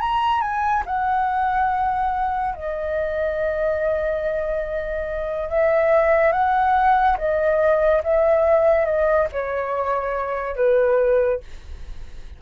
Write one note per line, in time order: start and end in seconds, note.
0.00 0.41 A#5
0.41 0.83 G#5
0.86 2.55 F#5
2.55 5.49 D#5
5.49 6.32 E5
6.32 7.17 F#5
7.18 8.02 D#5
8.04 8.85 E5
8.85 9.28 D#5
9.32 10.56 C#5
10.56 11.40 B4